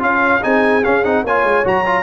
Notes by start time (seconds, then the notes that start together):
0.00 C#4 F4 F5
0.42 C4 D#4 G#4 G#5
0.84 C#4 F5
1.05 C4 D#4 F#5
1.24 A#3 F4 C#5 G#5
1.44 G#3
1.65 F#3 F#4 A#5
1.86 F4